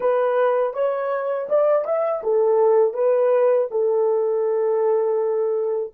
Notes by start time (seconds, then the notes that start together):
0.00 B4
0.73 C#5
1.48 D5
1.85 E5
2.23 A4
2.93 B4
3.70 A4